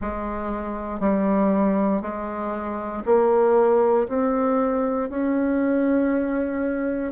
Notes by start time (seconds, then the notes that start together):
0.00 G#3
0.99 G3
2.01 G#3
3.05 A#3
4.08 C4
5.09 C#4